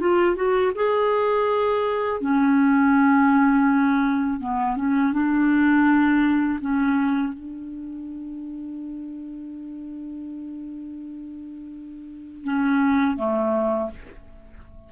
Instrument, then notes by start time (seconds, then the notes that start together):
clarinet
0.00 F4
0.36 F#4
0.75 G#4
2.21 C#4
4.40 B3
4.77 C#4
5.13 D4
6.61 C#4
7.33 D4
12.44 C#4
13.17 A3